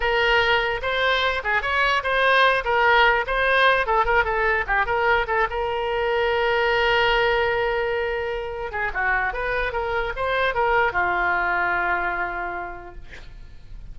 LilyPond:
\new Staff \with { instrumentName = "oboe" } { \time 4/4 \tempo 4 = 148 ais'2 c''4. gis'8 | cis''4 c''4. ais'4. | c''4. a'8 ais'8 a'4 g'8 | ais'4 a'8 ais'2~ ais'8~ |
ais'1~ | ais'4. gis'8 fis'4 b'4 | ais'4 c''4 ais'4 f'4~ | f'1 | }